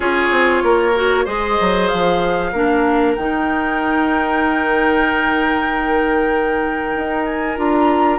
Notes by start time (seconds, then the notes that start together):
0.00 C#4 F4 G#4 C#5
0.31 C4
0.63 A#3 A#4
0.94 F#4
1.24 G#3 G#4 C5 D#5
1.60 F#3
1.88 F3 F5
2.52 A#3 D4 A#4
3.15 D#3 D#4 G5
6.95 D#4
7.25 G#5
7.57 D4 F4 A#5